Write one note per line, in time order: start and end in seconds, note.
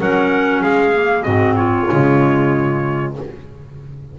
0.00 0.64 F#3
0.00 0.94 C#4
0.00 0.62 A#4
0.00 0.62 F#5
0.62 1.26 G#3
0.62 1.23 G#4
0.62 1.23 F5
0.94 1.25 A#3
1.23 1.89 G#2
1.23 1.88 C4
1.23 1.55 F#4
1.23 1.55 D#5
1.56 3.14 F4
1.56 3.14 C#5
1.89 3.19 C#3
1.89 3.16 G#3